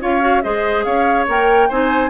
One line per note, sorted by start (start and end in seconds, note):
0.00 0.44 C#4
0.00 0.20 F4
0.00 0.43 C#5
0.00 0.42 F5
0.20 0.41 F#4
0.42 0.85 G#3
0.42 1.26 G#4
0.42 0.85 C5
0.42 0.83 D#5
0.84 1.27 C#4
0.84 1.68 C#5
0.84 1.25 F5
1.28 1.70 A#3
1.28 1.70 A#4
1.28 1.70 G5
1.68 2.09 C4
1.68 2.09 D#4
1.68 2.09 C5
1.68 2.09 G#5